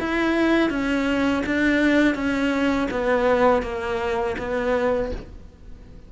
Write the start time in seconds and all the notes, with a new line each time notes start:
0.00 E4
0.70 C#4
1.46 D4
2.15 C#4
2.91 B3
3.63 A#3
4.39 B3